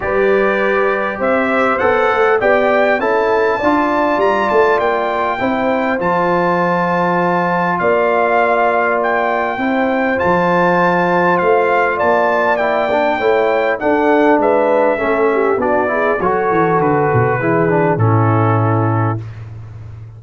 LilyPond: <<
  \new Staff \with { instrumentName = "trumpet" } { \time 4/4 \tempo 4 = 100 d''2 e''4 fis''4 | g''4 a''2 ais''8 a''8 | g''2 a''2~ | a''4 f''2 g''4~ |
g''4 a''2 f''4 | a''4 g''2 fis''4 | e''2 d''4 cis''4 | b'2 a'2 | }
  \new Staff \with { instrumentName = "horn" } { \time 4/4 b'2 c''2 | d''4 a'4 d''2~ | d''4 c''2.~ | c''4 d''2. |
c''1 | d''2 cis''4 a'4 | b'4 a'8 g'8 fis'8 gis'8 a'4~ | a'4 gis'4 e'2 | }
  \new Staff \with { instrumentName = "trombone" } { \time 4/4 g'2. a'4 | g'4 e'4 f'2~ | f'4 e'4 f'2~ | f'1 |
e'4 f'2.~ | f'4 e'8 d'8 e'4 d'4~ | d'4 cis'4 d'8 e'8 fis'4~ | fis'4 e'8 d'8 cis'2 | }
  \new Staff \with { instrumentName = "tuba" } { \time 4/4 g2 c'4 b8 a8 | b4 cis'4 d'4 g8 a8 | ais4 c'4 f2~ | f4 ais2. |
c'4 f2 a4 | ais2 a4 d'4 | gis4 a4 b4 fis8 e8 | d8 b,8 e4 a,2 | }
>>